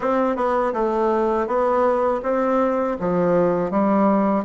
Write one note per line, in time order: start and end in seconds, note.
0.00 0.35 C4
0.35 0.72 B3
0.73 1.46 A3
1.46 2.21 B3
2.23 2.97 C4
2.99 3.70 F3
3.70 4.44 G3